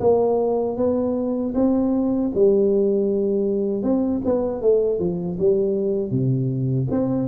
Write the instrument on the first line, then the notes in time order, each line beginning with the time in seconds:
tuba
0.00 A#3
0.77 B3
1.55 C4
2.34 G3
3.83 C4
4.25 B3
4.62 A3
4.99 F3
5.39 G3
6.11 C3
6.91 C4